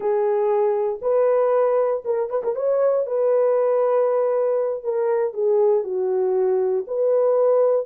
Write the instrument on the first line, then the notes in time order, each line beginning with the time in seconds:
horn
0.00 G#4
1.01 B4
2.04 A#4
2.29 B4
2.43 A#4
2.55 C#5
3.06 B4
4.83 A#4
5.33 G#4
5.83 F#4
6.87 B4